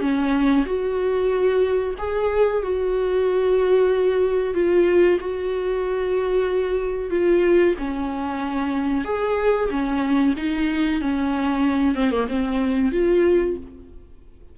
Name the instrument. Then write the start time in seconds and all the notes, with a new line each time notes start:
viola
0.00 C#4
0.65 F#4
1.98 G#4
2.62 F#4
4.54 F4
5.20 F#4
7.10 F4
7.78 C#4
9.04 G#4
9.70 C#4
10.36 D#4
11.01 C#4
11.94 C4
12.11 A#3
12.28 C4
12.91 F4